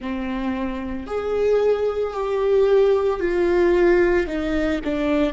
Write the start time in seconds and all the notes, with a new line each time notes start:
0.00 C4
1.06 G#4
2.13 G4
3.19 F4
4.26 D#4
4.84 D4